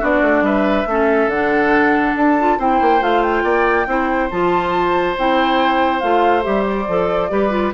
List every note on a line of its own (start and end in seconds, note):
0.00 0.21 B3
0.00 0.86 D4
0.00 0.43 F#4
0.00 0.45 D5
0.21 0.41 A3
0.41 0.84 G3
0.41 0.88 B4
0.41 1.29 E5
0.86 1.27 A3
0.86 1.32 C#4
0.86 2.58 A4
1.27 2.12 D3
1.27 2.39 D4
1.27 2.15 F#5
2.16 2.58 D4
2.16 2.60 A5
2.39 2.59 F4
2.58 2.80 C4
2.58 3.00 E4
2.58 3.43 C5
2.58 3.03 G5
2.81 3.01 A#3
3.00 3.43 A3
3.00 3.86 F4
3.00 3.22 F5
3.22 4.29 G5
3.43 3.86 A#3
3.43 3.86 D5
3.86 4.29 C4
3.86 4.30 E4
3.86 7.31 C5
4.30 5.17 F3
4.30 5.16 F4
4.30 5.16 A5
5.17 6.02 C4
5.17 6.01 E4
5.17 5.99 G5
5.99 6.45 A3
5.99 6.42 F4
5.99 6.42 F5
6.42 6.87 G3
6.42 6.85 G4
6.42 6.64 E5
6.65 7.73 D5
6.87 7.30 F3
6.87 7.29 A4
7.29 7.73 G3
7.29 7.50 G4
7.29 7.73 B4
7.50 7.71 F4